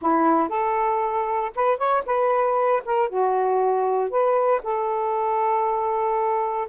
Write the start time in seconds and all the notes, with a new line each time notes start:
0.01 E4
0.48 A4
1.55 B4
1.77 C#5
2.06 B4
2.85 A#4
3.09 F#4
4.10 B4
4.63 A4